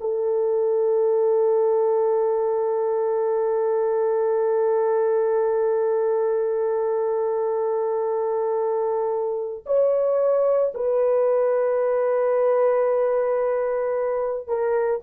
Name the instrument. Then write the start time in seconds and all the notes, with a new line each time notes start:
horn
0.00 A4
9.66 C#5
10.74 B4
14.47 A#4